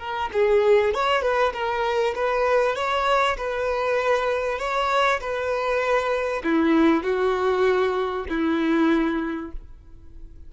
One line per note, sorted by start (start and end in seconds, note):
0.00 0.31 A#4
0.33 0.95 G#4
0.95 1.23 C#5
1.23 1.53 B4
1.54 2.15 A#4
2.16 2.76 B4
2.76 3.37 C#5
3.38 4.59 B4
4.59 5.20 C#5
5.21 6.43 B4
6.44 7.04 E4
7.04 8.26 F#4
8.30 9.52 E4